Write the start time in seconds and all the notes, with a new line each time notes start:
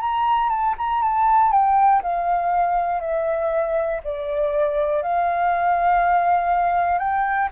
0.00 A#5
0.50 A5
0.78 A#5
1.02 A5
1.51 G5
2.02 F5
3.01 E5
4.04 D5
5.02 F5
6.99 G5